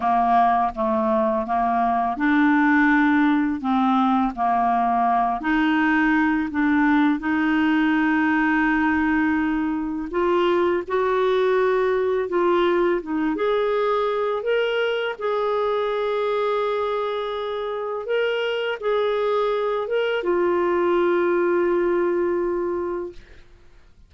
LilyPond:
\new Staff \with { instrumentName = "clarinet" } { \time 4/4 \tempo 4 = 83 ais4 a4 ais4 d'4~ | d'4 c'4 ais4. dis'8~ | dis'4 d'4 dis'2~ | dis'2 f'4 fis'4~ |
fis'4 f'4 dis'8 gis'4. | ais'4 gis'2.~ | gis'4 ais'4 gis'4. ais'8 | f'1 | }